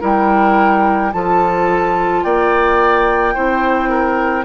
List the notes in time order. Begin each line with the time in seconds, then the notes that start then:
0.00 G3 E4 A#4 G5
1.12 F3 F4 A4 A5
2.24 A#3 D5 G5
3.34 C4 E4 C5
3.89 A#4